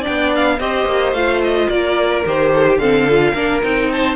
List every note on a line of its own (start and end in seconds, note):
0.00 0.58 D4
0.00 0.55 D5
0.00 0.33 G5
0.08 0.60 B3
0.35 0.60 F5
0.59 0.85 C4
0.59 1.14 G4
0.59 1.69 C5
0.59 1.13 D#5
0.85 1.12 A#3
1.12 1.67 A3
1.12 2.25 F4
1.12 1.41 F5
1.43 1.69 D#5
1.69 2.25 A#3
1.69 2.51 A#4
1.69 2.24 D5
2.26 2.78 D#3
2.26 2.80 G4
2.26 2.78 C5
2.53 2.67 A4
2.68 2.80 G4
2.78 3.33 D3
2.78 3.08 C4
2.78 3.34 A4
2.78 3.61 F5
3.10 3.34 F4
3.34 3.62 A#3
3.34 3.62 D4
3.34 3.89 A#4
3.62 4.16 C4
3.62 4.16 D#4
3.62 3.91 G5
3.92 4.16 C5
3.92 4.16 A5